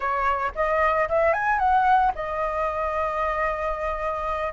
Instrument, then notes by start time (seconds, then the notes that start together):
flute
0.00 C#5
0.55 D#5
1.08 E5
1.33 G#5
1.58 F#5
2.15 D#5